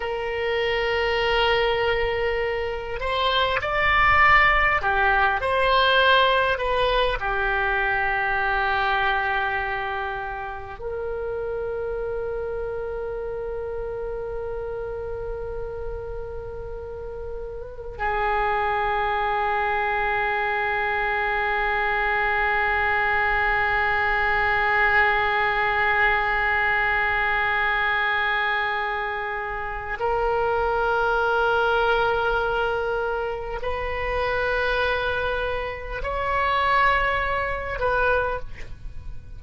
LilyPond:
\new Staff \with { instrumentName = "oboe" } { \time 4/4 \tempo 4 = 50 ais'2~ ais'8 c''8 d''4 | g'8 c''4 b'8 g'2~ | g'4 ais'2.~ | ais'2. gis'4~ |
gis'1~ | gis'1~ | gis'4 ais'2. | b'2 cis''4. b'8 | }